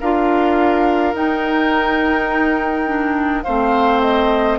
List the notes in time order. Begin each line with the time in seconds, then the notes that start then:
0.00 D4 F4 A#4 F5
1.13 D#4 G5
2.85 D4
3.43 A3 C4 C5 F5
4.01 D#5